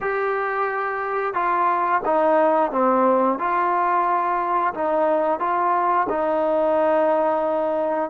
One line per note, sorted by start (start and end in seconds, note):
0.00 1.33 G4
1.33 2.01 F4
2.05 2.71 D#4
2.71 3.38 C4
3.38 4.73 F4
4.73 5.39 D#4
5.39 6.07 F4
6.09 8.09 D#4